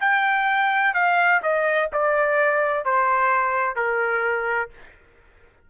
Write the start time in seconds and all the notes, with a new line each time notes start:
0.00 G5
0.94 F5
1.42 D#5
1.93 D5
2.85 C5
3.75 A#4